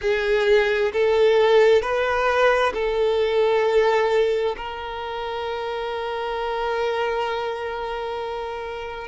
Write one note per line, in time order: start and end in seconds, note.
0.01 0.92 G#4
0.92 1.81 A4
1.81 2.72 B4
2.73 4.55 A4
4.57 9.07 A#4